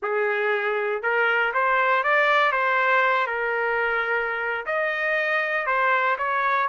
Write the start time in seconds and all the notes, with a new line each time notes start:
0.02 G#4
1.02 A#4
1.53 C5
2.03 D5
2.52 C5
3.26 A#4
4.66 D#5
5.66 C5
6.18 C#5